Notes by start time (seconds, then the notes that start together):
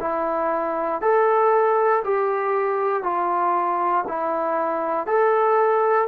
0.00 E4
1.01 A4
2.04 G4
3.02 F4
4.07 E4
5.06 A4